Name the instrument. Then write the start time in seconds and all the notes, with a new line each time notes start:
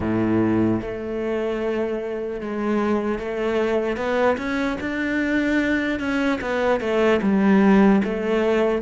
cello
0.00 A2
0.81 A3
2.40 G#3
3.19 A3
3.96 B3
4.37 C#4
4.80 D4
5.99 C#4
6.41 B3
6.80 A3
7.22 G3
8.04 A3